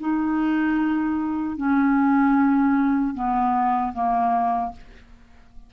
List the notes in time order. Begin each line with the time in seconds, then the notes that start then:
0.00 D#4
1.57 C#4
3.14 B3
3.93 A#3